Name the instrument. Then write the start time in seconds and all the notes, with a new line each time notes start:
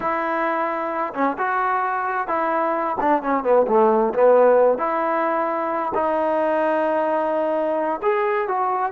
trombone
0.00 E4
1.13 C#4
1.37 F#4
2.27 E4
3.00 D4
3.22 C#4
3.43 B3
3.67 A3
4.14 B3
4.78 E4
5.94 D#4
8.02 G#4
8.48 F#4